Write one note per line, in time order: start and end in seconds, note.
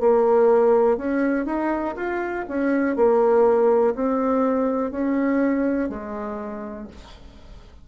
0.00 0.97 A#3
0.97 1.46 C#4
1.46 1.95 D#4
1.96 2.45 F4
2.48 2.96 C#4
2.96 3.95 A#3
3.95 4.91 C4
4.91 5.89 C#4
5.89 6.88 G#3